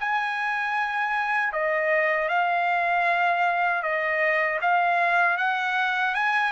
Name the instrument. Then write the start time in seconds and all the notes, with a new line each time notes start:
trumpet
0.00 G#5
1.53 D#5
2.29 F5
3.83 D#5
4.62 F5
5.38 F#5
6.15 G#5